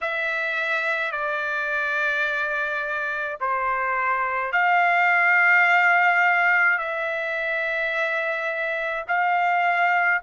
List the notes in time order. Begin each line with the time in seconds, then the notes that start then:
0.01 E5
1.11 D5
3.40 C5
4.52 F5
6.78 E5
9.08 F5